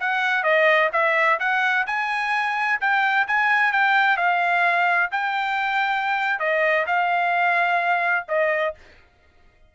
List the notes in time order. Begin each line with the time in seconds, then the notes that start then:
0.00 F#5
0.44 D#5
0.93 E5
1.40 F#5
1.87 G#5
2.81 G5
3.28 G#5
3.73 G5
4.18 F5
5.12 G5
6.40 D#5
6.87 F5
8.28 D#5